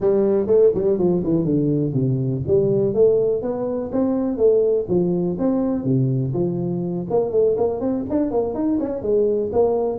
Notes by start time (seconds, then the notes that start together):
0.00 G3
0.46 A3
0.74 G3
0.98 F3
1.24 E3
1.44 D3
1.93 C3
2.47 G3
2.94 A3
3.42 B3
3.92 C4
4.37 A3
4.88 F3
5.38 C4
5.84 C3
6.33 F3
7.10 A#3
7.31 A3
7.57 A#3
7.80 C4
8.09 D4
8.31 A#3
8.54 D#4
8.79 C#4
9.02 G#3
9.52 A#3